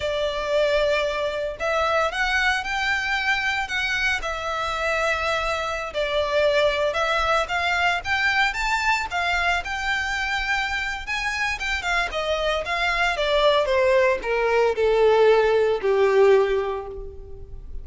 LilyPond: \new Staff \with { instrumentName = "violin" } { \time 4/4 \tempo 4 = 114 d''2. e''4 | fis''4 g''2 fis''4 | e''2.~ e''16 d''8.~ | d''4~ d''16 e''4 f''4 g''8.~ |
g''16 a''4 f''4 g''4.~ g''16~ | g''4 gis''4 g''8 f''8 dis''4 | f''4 d''4 c''4 ais'4 | a'2 g'2 | }